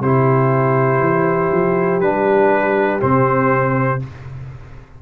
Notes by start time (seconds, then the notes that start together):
0.00 C3 E4 G4 C5
1.00 E3
1.51 F3
2.00 G3 D4 B4
3.00 C3 C4 C5